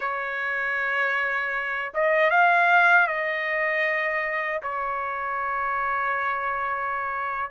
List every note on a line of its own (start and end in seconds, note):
0.00 1.92 C#5
1.93 2.30 D#5
2.30 3.07 F5
3.07 4.61 D#5
4.62 7.50 C#5